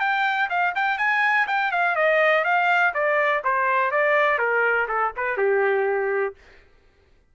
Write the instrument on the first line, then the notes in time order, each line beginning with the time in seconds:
trumpet
0.00 G5
0.50 F5
0.75 G5
0.98 G#5
1.47 G5
1.72 F5
1.96 D#5
2.44 F5
2.94 D5
3.44 C5
3.91 D5
4.39 A#4
4.88 A4
5.16 B4
5.37 G4